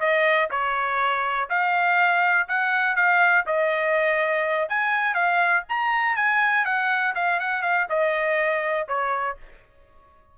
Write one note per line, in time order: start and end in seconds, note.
0.00 0.49 D#5
0.51 1.49 C#5
1.50 2.48 F5
2.48 2.96 F#5
2.96 3.45 F5
3.46 4.69 D#5
4.69 5.14 G#5
5.14 5.63 F5
5.69 6.16 A#5
6.16 6.65 G#5
6.65 7.14 F#5
7.15 7.40 F5
7.40 7.62 F#5
7.62 7.87 F5
7.90 8.88 D#5
8.88 9.37 C#5